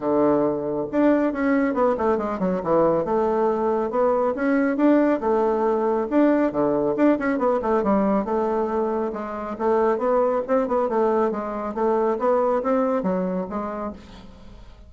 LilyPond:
\new Staff \with { instrumentName = "bassoon" } { \time 4/4 \tempo 4 = 138 d2 d'4 cis'4 | b8 a8 gis8 fis8 e4 a4~ | a4 b4 cis'4 d'4 | a2 d'4 d4 |
d'8 cis'8 b8 a8 g4 a4~ | a4 gis4 a4 b4 | c'8 b8 a4 gis4 a4 | b4 c'4 fis4 gis4 | }